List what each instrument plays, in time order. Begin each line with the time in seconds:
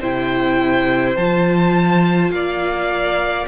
0.00 cello C3, viola E4, violin C5 G5
1.16 cello F3, viola F4, violin A5
2.31 cello A#3, violin D5 F5